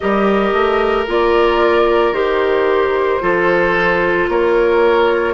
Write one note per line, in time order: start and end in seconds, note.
0.00 0.52 G3
0.00 1.07 G4
0.00 3.22 A#4
0.00 1.04 D#5
0.52 1.06 A3
1.07 2.11 A#3
1.07 2.13 F4
1.07 2.13 D5
2.11 3.19 D#3
2.11 3.20 G4
2.11 4.27 C5
3.20 4.28 F3
3.20 5.34 F4
3.20 4.29 A4
4.28 5.34 A#3
4.28 5.34 A#4
4.28 5.34 C#5